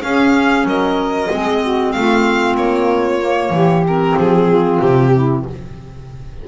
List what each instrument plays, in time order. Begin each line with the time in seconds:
0.00 clarinet C#4, double bass C#4, saxophone G#4, violin F5
0.64 double bass F#3, saxophone A#4, violin D#5
1.30 double bass G#3, clarinet C4, saxophone G#4
1.62 saxophone F#4
1.92 double bass A3, saxophone F4, violin F5
2.55 double bass A#3, violin C#5
3.20 clarinet A#3
3.50 double bass E3, saxophone G4
3.87 clarinet C4, violin A#4
4.16 double bass F3, violin G#4
4.47 saxophone F4
4.80 double bass C3, violin G4
5.14 saxophone E4